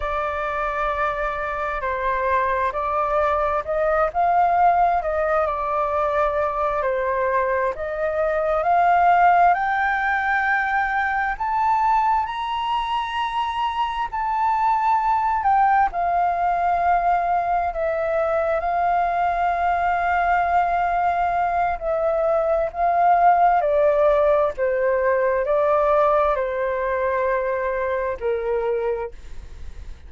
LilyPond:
\new Staff \with { instrumentName = "flute" } { \time 4/4 \tempo 4 = 66 d''2 c''4 d''4 | dis''8 f''4 dis''8 d''4. c''8~ | c''8 dis''4 f''4 g''4.~ | g''8 a''4 ais''2 a''8~ |
a''4 g''8 f''2 e''8~ | e''8 f''2.~ f''8 | e''4 f''4 d''4 c''4 | d''4 c''2 ais'4 | }